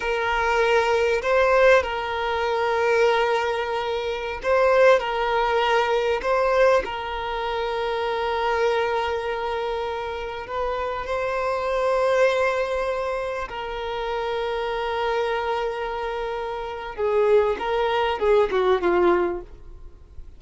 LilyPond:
\new Staff \with { instrumentName = "violin" } { \time 4/4 \tempo 4 = 99 ais'2 c''4 ais'4~ | ais'2.~ ais'16 c''8.~ | c''16 ais'2 c''4 ais'8.~ | ais'1~ |
ais'4~ ais'16 b'4 c''4.~ c''16~ | c''2~ c''16 ais'4.~ ais'16~ | ais'1 | gis'4 ais'4 gis'8 fis'8 f'4 | }